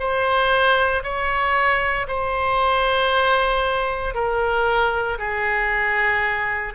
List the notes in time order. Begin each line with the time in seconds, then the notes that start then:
0.00 C5
1.04 C#5
2.08 C5
4.15 A#4
5.19 G#4